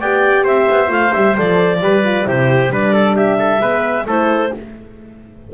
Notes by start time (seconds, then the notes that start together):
0.00 B3 G4 D5 G5
0.44 C4 C5 E5
0.70 B3
0.87 A3 F4 F5
1.13 G3 G4 E5
1.35 F3 A4 D5
1.81 G3 G4 B4
2.04 F4
2.25 C3 E4 G4 C5
2.70 G3 D4 B4 D5
2.93 A4
3.16 G4 E5
3.39 A4
3.60 G#3 B3 B4
4.05 A3 E4 A4 C5